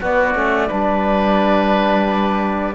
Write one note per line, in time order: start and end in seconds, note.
0.00 0.34 B3
0.00 0.35 B3
0.00 0.67 F#4
0.00 2.74 D5
0.34 0.69 A3
0.34 0.68 C#4
0.67 2.74 G3
0.67 2.74 D4
0.67 2.74 B4